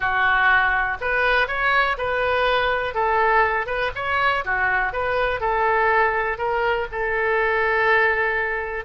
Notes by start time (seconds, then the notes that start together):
0.00 F#4
1.00 B4
1.47 C#5
1.97 B4
2.94 A4
3.66 B4
3.95 C#5
4.44 F#4
4.92 B4
5.40 A4
6.38 A#4
6.91 A4